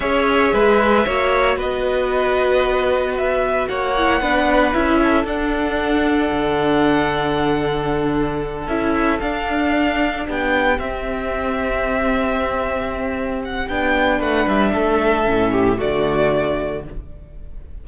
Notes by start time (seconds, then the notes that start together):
0.00 C#4 G#4 C#5 E5
0.53 G#3 B4
1.05 A#3 F#4 C#5
1.56 B3 B4 D#5
3.17 E5
3.68 A#3 C#5 F#5
3.96 E4
4.21 B3 D4 B4
4.73 C#4 E4 E5
5.03 A4
5.24 D4 F#5
6.31 D3
8.67 C#4 E4 E5
9.19 D4 F5
10.26 B3 G4 G5
10.78 C4 E5
13.44 F#5
13.68 B3 D4 G5
14.18 A3 B4 F#5
14.47 G3 E5
14.73 A3 A4
15.25 A2 C#4
15.51 G4
15.76 A3 F#4 D5
15.82 D3